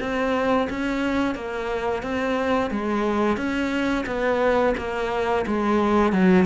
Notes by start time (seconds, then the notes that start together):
0.00 C4
0.69 C#4
1.35 A#3
2.03 C4
2.70 G#3
3.37 C#4
4.06 B3
4.77 A#3
5.46 G#3
6.12 F#3